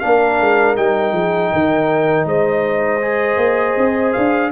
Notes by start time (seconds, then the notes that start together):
0.00 A#3 D4 A#4 F5
0.40 G#3
0.76 G3 D#4 G5
1.12 F3 G#4
1.53 D#3 A#4
2.25 G#3 C5 D#5
3.01 G#4
3.37 A#3
3.77 C4
4.13 D4 F5